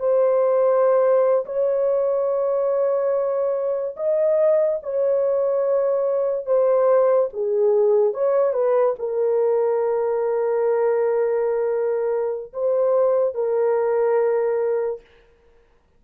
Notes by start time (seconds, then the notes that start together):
0.00 C5
1.46 C#5
3.97 D#5
4.83 C#5
6.46 C5
7.34 G#4
8.14 C#5
8.54 B4
8.99 A#4
12.54 C5
13.35 A#4